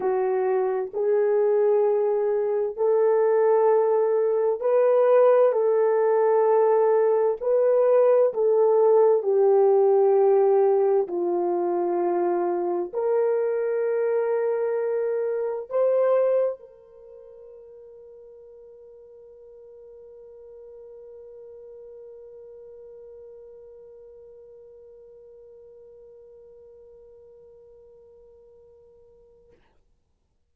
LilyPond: \new Staff \with { instrumentName = "horn" } { \time 4/4 \tempo 4 = 65 fis'4 gis'2 a'4~ | a'4 b'4 a'2 | b'4 a'4 g'2 | f'2 ais'2~ |
ais'4 c''4 ais'2~ | ais'1~ | ais'1~ | ais'1 | }